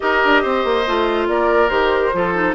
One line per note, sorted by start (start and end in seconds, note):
0.00 0.23 D#4
0.00 0.84 G4
0.00 0.42 A#4
0.00 1.27 D#5
0.24 0.44 D4
0.42 0.64 C4
0.42 1.27 C5
0.64 0.85 A#3
0.87 1.28 A3
0.87 1.69 F4
1.27 1.69 A#3
1.27 2.15 A#4
1.27 1.69 D5
1.69 2.12 D#3
1.69 2.11 G4
1.69 2.54 C5
2.13 2.54 F3
2.13 2.34 F4
2.13 2.54 A4
2.34 2.54 D#4